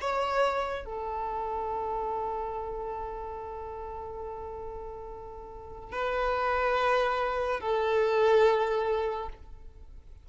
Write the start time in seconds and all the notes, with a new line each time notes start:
0.00 C#5
0.85 A4
5.92 B4
7.60 A4